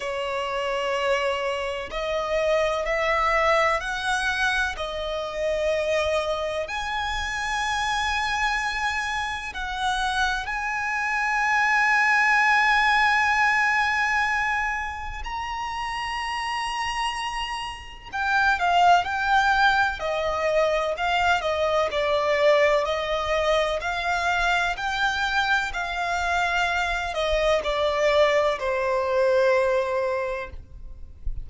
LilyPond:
\new Staff \with { instrumentName = "violin" } { \time 4/4 \tempo 4 = 63 cis''2 dis''4 e''4 | fis''4 dis''2 gis''4~ | gis''2 fis''4 gis''4~ | gis''1 |
ais''2. g''8 f''8 | g''4 dis''4 f''8 dis''8 d''4 | dis''4 f''4 g''4 f''4~ | f''8 dis''8 d''4 c''2 | }